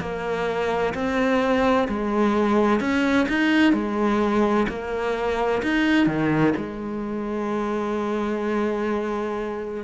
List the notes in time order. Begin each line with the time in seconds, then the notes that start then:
0.00 A#3
0.94 C4
1.88 G#3
2.80 C#4
3.28 D#4
3.72 G#3
4.68 A#3
5.62 D#4
6.06 D#3
6.56 G#3